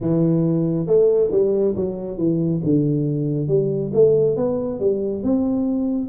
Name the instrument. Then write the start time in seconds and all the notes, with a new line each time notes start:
tuba
0.00 E3
0.87 A3
1.31 G3
1.75 F#3
2.17 E3
2.63 D3
3.48 G3
3.93 A3
4.36 B3
4.79 G3
5.23 C4